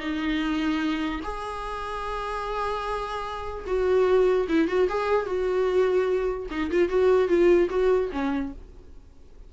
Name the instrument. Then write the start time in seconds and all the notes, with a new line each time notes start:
viola
0.00 D#4
1.24 G#4
3.67 F#4
4.49 E4
4.68 F#4
4.89 G#4
5.26 F#4
6.51 D#4
6.71 F4
6.89 F#4
7.28 F4
7.70 F#4
8.13 C#4